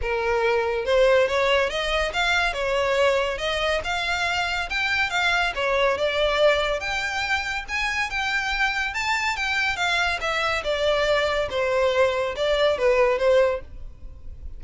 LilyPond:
\new Staff \with { instrumentName = "violin" } { \time 4/4 \tempo 4 = 141 ais'2 c''4 cis''4 | dis''4 f''4 cis''2 | dis''4 f''2 g''4 | f''4 cis''4 d''2 |
g''2 gis''4 g''4~ | g''4 a''4 g''4 f''4 | e''4 d''2 c''4~ | c''4 d''4 b'4 c''4 | }